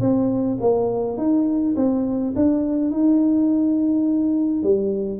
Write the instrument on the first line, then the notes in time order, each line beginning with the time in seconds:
tuba
0.00 C4
0.61 A#3
1.17 D#4
1.76 C4
2.35 D4
2.91 D#4
4.63 G3